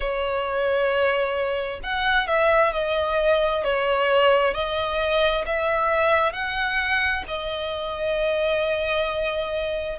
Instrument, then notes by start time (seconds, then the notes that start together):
violin
0.00 C#5
1.83 F#5
2.27 E5
2.73 D#5
3.64 C#5
4.53 D#5
5.45 E5
6.32 F#5
7.27 D#5